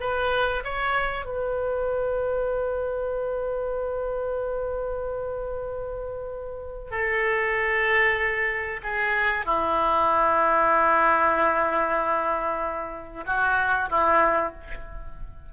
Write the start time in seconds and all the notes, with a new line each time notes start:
0.00 B4
0.64 C#5
1.25 B4
6.91 A4
8.83 G#4
9.45 E4
13.26 F#4
13.89 E4